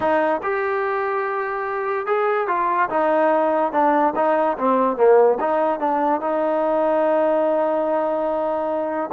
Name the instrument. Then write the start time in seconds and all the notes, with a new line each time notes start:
trombone
0.00 D#4
0.42 G4
2.06 G#4
2.47 F4
2.89 D#4
3.72 D4
4.15 D#4
4.57 C4
4.96 A#3
5.40 D#4
5.79 D4
6.20 D#4